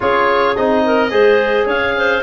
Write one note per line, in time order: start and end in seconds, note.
0.00 0.56 C#4
0.00 0.55 F4
0.00 0.85 G#4
0.00 0.56 C#5
0.56 1.12 C4
0.56 1.10 D#4
0.56 1.68 D#5
0.85 1.11 A#4
1.10 1.66 G#3
1.10 2.22 G#4
1.10 1.66 C5
1.66 2.22 C#4
1.66 1.94 C#5
1.66 2.23 F5
1.97 2.23 C5